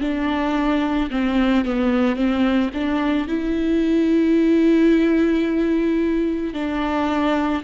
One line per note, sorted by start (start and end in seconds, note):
0.00 1.09 D4
1.10 1.65 C4
1.65 2.15 B3
2.15 2.70 C4
2.73 3.27 D4
3.27 6.54 E4
6.54 7.63 D4